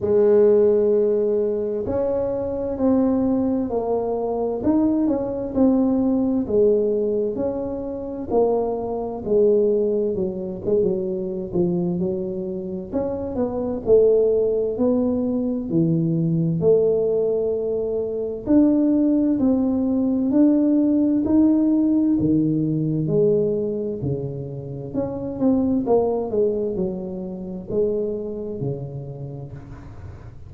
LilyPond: \new Staff \with { instrumentName = "tuba" } { \time 4/4 \tempo 4 = 65 gis2 cis'4 c'4 | ais4 dis'8 cis'8 c'4 gis4 | cis'4 ais4 gis4 fis8 gis16 fis16~ | fis8 f8 fis4 cis'8 b8 a4 |
b4 e4 a2 | d'4 c'4 d'4 dis'4 | dis4 gis4 cis4 cis'8 c'8 | ais8 gis8 fis4 gis4 cis4 | }